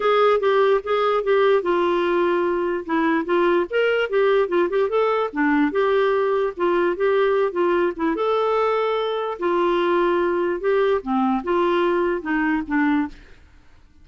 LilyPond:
\new Staff \with { instrumentName = "clarinet" } { \time 4/4 \tempo 4 = 147 gis'4 g'4 gis'4 g'4 | f'2. e'4 | f'4 ais'4 g'4 f'8 g'8 | a'4 d'4 g'2 |
f'4 g'4. f'4 e'8 | a'2. f'4~ | f'2 g'4 c'4 | f'2 dis'4 d'4 | }